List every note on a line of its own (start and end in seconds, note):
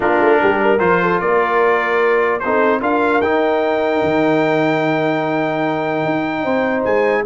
0.00 0.18 A#3
0.00 0.78 D4
0.00 0.40 F4
0.00 0.79 A#4
0.19 0.39 A3
0.42 0.80 G3
0.42 0.61 G4
0.61 1.02 A#4
0.79 1.20 F3
0.79 2.40 F4
0.79 1.19 C5
1.02 1.22 A4
1.20 2.41 A#3
1.20 2.44 A#4
1.20 2.39 D5
2.39 2.81 C4
2.39 2.81 D#4
2.39 2.81 A4
2.39 2.79 C5
2.81 3.21 D4
2.81 3.21 F4
2.81 6.43 A#4
2.81 3.21 F5
3.21 4.02 D#4
3.21 7.25 D#4
3.21 6.83 G5
4.02 6.04 D#3
6.05 6.44 D#4
6.43 6.85 C4
6.43 7.24 C5
6.84 7.25 G#3
6.84 7.24 G#5